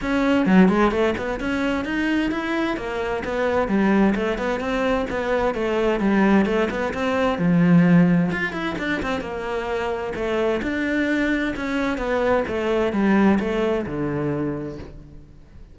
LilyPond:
\new Staff \with { instrumentName = "cello" } { \time 4/4 \tempo 4 = 130 cis'4 fis8 gis8 a8 b8 cis'4 | dis'4 e'4 ais4 b4 | g4 a8 b8 c'4 b4 | a4 g4 a8 b8 c'4 |
f2 f'8 e'8 d'8 c'8 | ais2 a4 d'4~ | d'4 cis'4 b4 a4 | g4 a4 d2 | }